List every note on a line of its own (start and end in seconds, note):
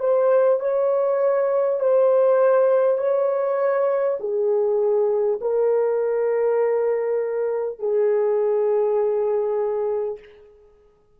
0.00 0.60 C5
0.60 1.80 C#5
1.80 2.98 C5
2.98 4.18 C#5
4.19 5.39 G#4
5.41 7.79 A#4
7.79 10.19 G#4